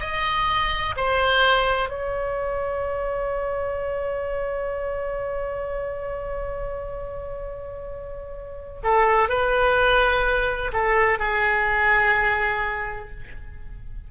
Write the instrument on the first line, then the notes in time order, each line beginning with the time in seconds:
oboe
0.00 D#5
0.97 C5
1.89 C#5
8.83 A4
9.29 B4
10.73 A4
11.19 G#4